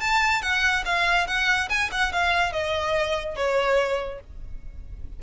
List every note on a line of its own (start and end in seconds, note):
0.00 0.42 A5
0.42 0.84 F#5
0.85 1.27 F5
1.27 1.69 F#5
1.69 1.90 G#5
1.91 2.12 F#5
2.12 2.52 F5
2.52 3.36 D#5
3.36 4.20 C#5